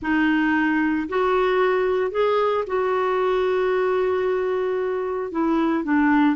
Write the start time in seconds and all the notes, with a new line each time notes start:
0.01 D#4
1.09 F#4
2.11 G#4
2.66 F#4
5.31 E4
5.84 D4